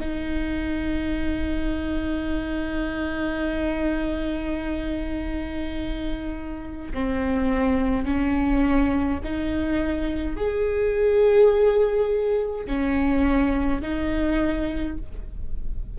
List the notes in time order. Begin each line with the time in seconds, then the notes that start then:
0.00 D#4
6.94 C4
8.05 C#4
9.24 D#4
10.36 G#4
12.67 C#4
13.82 D#4